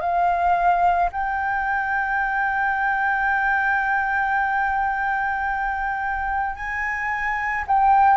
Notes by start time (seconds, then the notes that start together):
0.00 F5
1.12 G5
6.55 G#5
7.67 G5